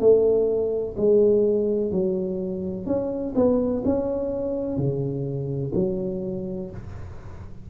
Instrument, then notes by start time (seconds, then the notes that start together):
tuba
0.00 A3
0.97 G#3
1.92 F#3
2.86 C#4
3.35 B3
3.85 C#4
4.78 C#3
5.75 F#3